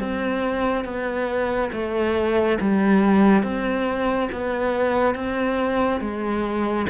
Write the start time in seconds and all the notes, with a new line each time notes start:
0.00 C4
0.85 B3
1.73 A3
2.61 G3
3.43 C4
4.32 B3
5.15 C4
6.01 G#3